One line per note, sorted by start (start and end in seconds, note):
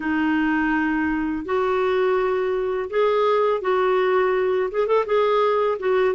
0.00 1.45 D#4
1.45 2.89 F#4
2.89 3.61 G#4
3.61 4.70 F#4
4.71 4.87 G#4
4.87 5.05 A4
5.05 5.78 G#4
5.79 6.14 F#4